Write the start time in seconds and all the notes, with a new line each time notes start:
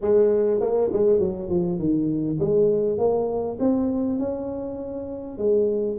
0.01 G#3
0.60 A#3
0.92 G#3
1.19 F#3
1.48 F3
1.78 D#3
2.39 G#3
2.98 A#3
3.59 C4
4.19 C#4
5.38 G#3